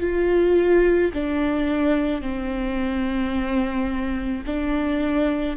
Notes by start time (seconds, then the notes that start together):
0.00 F4
1.13 D4
2.21 C4
4.46 D4